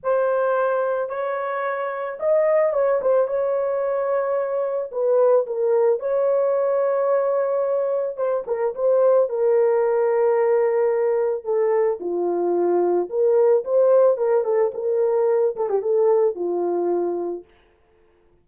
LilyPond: \new Staff \with { instrumentName = "horn" } { \time 4/4 \tempo 4 = 110 c''2 cis''2 | dis''4 cis''8 c''8 cis''2~ | cis''4 b'4 ais'4 cis''4~ | cis''2. c''8 ais'8 |
c''4 ais'2.~ | ais'4 a'4 f'2 | ais'4 c''4 ais'8 a'8 ais'4~ | ais'8 a'16 g'16 a'4 f'2 | }